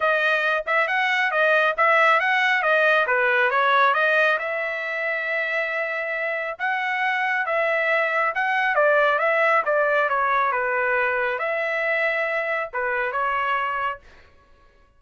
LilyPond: \new Staff \with { instrumentName = "trumpet" } { \time 4/4 \tempo 4 = 137 dis''4. e''8 fis''4 dis''4 | e''4 fis''4 dis''4 b'4 | cis''4 dis''4 e''2~ | e''2. fis''4~ |
fis''4 e''2 fis''4 | d''4 e''4 d''4 cis''4 | b'2 e''2~ | e''4 b'4 cis''2 | }